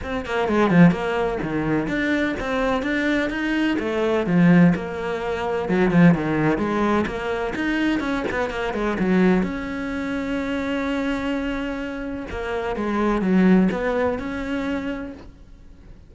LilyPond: \new Staff \with { instrumentName = "cello" } { \time 4/4 \tempo 4 = 127 c'8 ais8 gis8 f8 ais4 dis4 | d'4 c'4 d'4 dis'4 | a4 f4 ais2 | fis8 f8 dis4 gis4 ais4 |
dis'4 cis'8 b8 ais8 gis8 fis4 | cis'1~ | cis'2 ais4 gis4 | fis4 b4 cis'2 | }